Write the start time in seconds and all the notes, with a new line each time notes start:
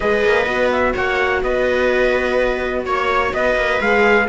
0.00 G#3 G#4 B4 D#5
0.24 A#3
0.46 B3 F#4
0.72 E5
0.93 A#3 C#5 F#5
1.43 B3 B4 D#5
2.84 A#3 C#5
3.33 B3 B4 D#5
3.55 A#3
3.81 G#3 G#4 F5